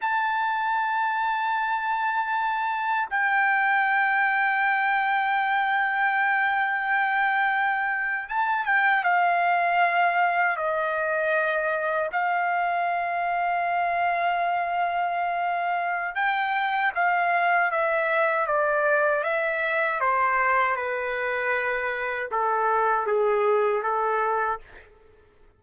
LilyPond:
\new Staff \with { instrumentName = "trumpet" } { \time 4/4 \tempo 4 = 78 a''1 | g''1~ | g''2~ g''8. a''8 g''8 f''16~ | f''4.~ f''16 dis''2 f''16~ |
f''1~ | f''4 g''4 f''4 e''4 | d''4 e''4 c''4 b'4~ | b'4 a'4 gis'4 a'4 | }